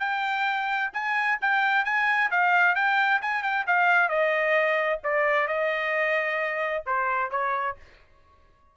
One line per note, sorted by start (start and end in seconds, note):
0.00 0.91 G5
0.93 1.39 G#5
1.42 1.85 G5
1.85 2.31 G#5
2.31 2.76 F5
2.76 3.21 G5
3.22 3.43 G#5
3.43 3.66 G5
3.67 4.09 F5
4.09 5.00 D#5
5.04 5.48 D5
5.48 6.84 D#5
6.86 7.31 C5
7.31 7.77 C#5